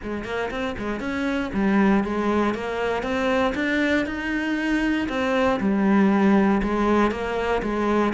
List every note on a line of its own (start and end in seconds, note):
0.02 0.24 G#3
0.24 0.49 A#3
0.50 0.76 C4
0.78 1.00 G#3
1.00 1.51 C#4
1.53 2.03 G3
2.03 2.54 G#3
2.54 3.03 A#3
3.03 3.53 C4
3.55 4.05 D4
4.06 5.07 D#4
5.08 5.59 C4
5.59 6.61 G3
6.62 7.11 G#3
7.11 7.62 A#3
7.62 8.13 G#3